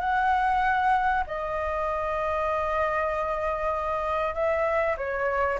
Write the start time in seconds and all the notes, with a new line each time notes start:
0.00 F#5
1.27 D#5
4.34 E5
4.97 C#5